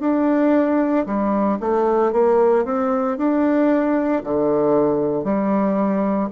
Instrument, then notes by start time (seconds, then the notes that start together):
bassoon
0.00 D4
1.06 G3
1.59 A3
2.12 A#3
2.65 C4
3.17 D4
4.23 D3
5.23 G3